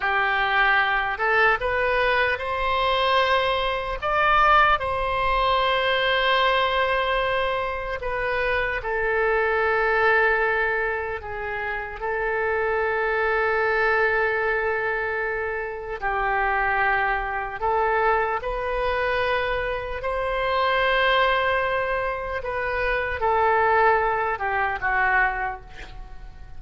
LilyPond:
\new Staff \with { instrumentName = "oboe" } { \time 4/4 \tempo 4 = 75 g'4. a'8 b'4 c''4~ | c''4 d''4 c''2~ | c''2 b'4 a'4~ | a'2 gis'4 a'4~ |
a'1 | g'2 a'4 b'4~ | b'4 c''2. | b'4 a'4. g'8 fis'4 | }